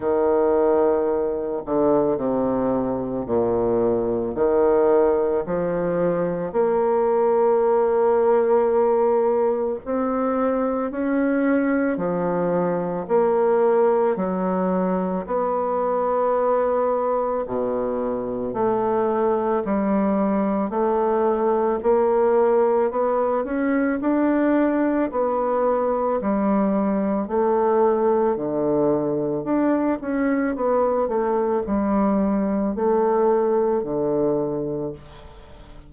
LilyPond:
\new Staff \with { instrumentName = "bassoon" } { \time 4/4 \tempo 4 = 55 dis4. d8 c4 ais,4 | dis4 f4 ais2~ | ais4 c'4 cis'4 f4 | ais4 fis4 b2 |
b,4 a4 g4 a4 | ais4 b8 cis'8 d'4 b4 | g4 a4 d4 d'8 cis'8 | b8 a8 g4 a4 d4 | }